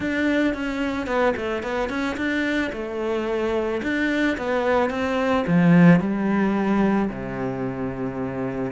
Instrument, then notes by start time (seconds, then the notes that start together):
cello
0.00 D4
0.53 C#4
1.06 B3
1.36 A3
1.62 B3
1.89 C#4
2.16 D4
2.72 A3
3.82 D4
4.37 B3
4.90 C4
5.47 F3
6.00 G3
7.09 C3